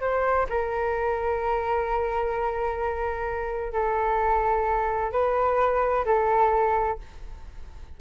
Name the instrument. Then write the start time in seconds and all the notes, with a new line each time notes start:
flute
0.00 C5
0.49 A#4
3.73 A4
5.12 B4
6.05 A4